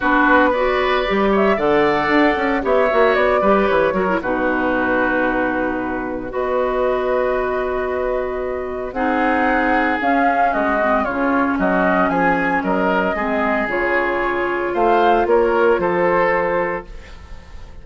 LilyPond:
<<
  \new Staff \with { instrumentName = "flute" } { \time 4/4 \tempo 4 = 114 b'4 d''4. e''8 fis''4~ | fis''4 e''4 d''4 cis''4 | b'1 | dis''1~ |
dis''4 fis''2 f''4 | dis''4 cis''4 dis''4 gis''4 | dis''2 cis''2 | f''4 cis''4 c''2 | }
  \new Staff \with { instrumentName = "oboe" } { \time 4/4 fis'4 b'4. cis''8 d''4~ | d''4 cis''4. b'4 ais'8 | fis'1 | b'1~ |
b'4 gis'2. | fis'4 f'4 fis'4 gis'4 | ais'4 gis'2. | c''4 ais'4 a'2 | }
  \new Staff \with { instrumentName = "clarinet" } { \time 4/4 d'4 fis'4 g'4 a'4~ | a'4 g'8 fis'4 g'4 fis'16 e'16 | dis'1 | fis'1~ |
fis'4 dis'2 cis'4~ | cis'8 c'8 cis'2.~ | cis'4 c'4 f'2~ | f'1 | }
  \new Staff \with { instrumentName = "bassoon" } { \time 4/4 b2 g4 d4 | d'8 cis'8 b8 ais8 b8 g8 e8 fis8 | b,1 | b1~ |
b4 c'2 cis'4 | gis4 cis4 fis4 f4 | fis4 gis4 cis2 | a4 ais4 f2 | }
>>